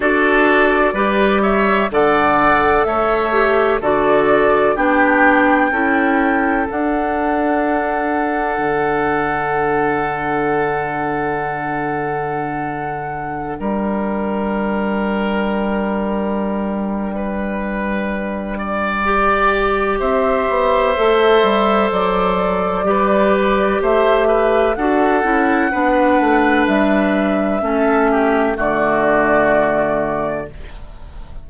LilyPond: <<
  \new Staff \with { instrumentName = "flute" } { \time 4/4 \tempo 4 = 63 d''4. e''8 fis''4 e''4 | d''4 g''2 fis''4~ | fis''1~ | fis''2~ fis''16 g''4.~ g''16~ |
g''1~ | g''4 e''2 d''4~ | d''4 e''4 fis''2 | e''2 d''2 | }
  \new Staff \with { instrumentName = "oboe" } { \time 4/4 a'4 b'8 cis''8 d''4 cis''4 | a'4 g'4 a'2~ | a'1~ | a'2~ a'16 ais'4.~ ais'16~ |
ais'2 b'4. d''8~ | d''4 c''2. | b'4 c''8 b'8 a'4 b'4~ | b'4 a'8 g'8 fis'2 | }
  \new Staff \with { instrumentName = "clarinet" } { \time 4/4 fis'4 g'4 a'4. g'8 | fis'4 d'4 e'4 d'4~ | d'1~ | d'1~ |
d'1 | g'2 a'2 | g'2 fis'8 e'8 d'4~ | d'4 cis'4 a2 | }
  \new Staff \with { instrumentName = "bassoon" } { \time 4/4 d'4 g4 d4 a4 | d4 b4 cis'4 d'4~ | d'4 d2.~ | d2~ d16 g4.~ g16~ |
g1~ | g4 c'8 b8 a8 g8 fis4 | g4 a4 d'8 cis'8 b8 a8 | g4 a4 d2 | }
>>